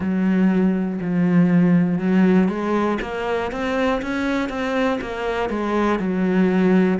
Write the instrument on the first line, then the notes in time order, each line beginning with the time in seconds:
cello
0.00 F#3
1.00 F3
1.98 F#3
2.48 G#3
3.01 A#3
3.51 C4
4.01 C#4
4.49 C4
5.01 A#3
5.49 G#3
5.99 F#3